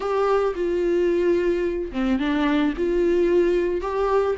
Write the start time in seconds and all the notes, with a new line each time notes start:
0.00 G4
0.55 F4
1.91 C4
2.19 D4
2.77 F4
3.81 G4